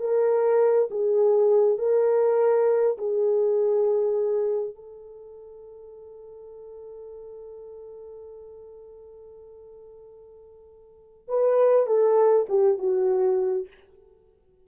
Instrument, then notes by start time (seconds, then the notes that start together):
horn
0.00 A#4
0.91 G#4
1.78 A#4
2.98 G#4
4.75 A4
11.29 B4
11.87 A4
12.49 G4
12.78 F#4